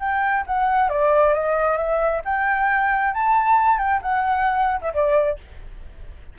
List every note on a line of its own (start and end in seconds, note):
0.00 0.45 G5
0.47 0.90 F#5
0.90 1.34 D5
1.34 1.77 D#5
1.77 2.22 E5
2.25 3.14 G5
3.14 3.79 A5
3.79 4.01 G5
4.02 4.81 F#5
4.82 4.93 E5
4.94 5.39 D5